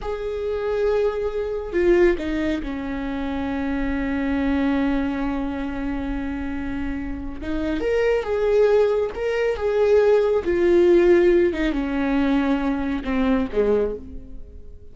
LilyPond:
\new Staff \with { instrumentName = "viola" } { \time 4/4 \tempo 4 = 138 gis'1 | f'4 dis'4 cis'2~ | cis'1~ | cis'1~ |
cis'4 dis'4 ais'4 gis'4~ | gis'4 ais'4 gis'2 | f'2~ f'8 dis'8 cis'4~ | cis'2 c'4 gis4 | }